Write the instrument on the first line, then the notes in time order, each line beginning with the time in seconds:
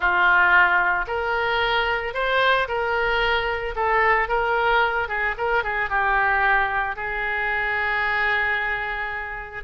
oboe
0.00 F4
1.07 A#4
2.14 C5
2.67 A#4
3.75 A4
4.28 A#4
5.08 G#4
5.37 A#4
5.63 G#4
5.89 G4
6.95 G#4